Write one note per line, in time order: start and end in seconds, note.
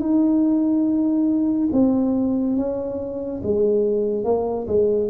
0.00 1.69 D#4
1.72 2.57 C4
2.57 3.41 C#4
3.43 4.24 G#3
4.24 4.66 A#3
4.67 5.09 G#3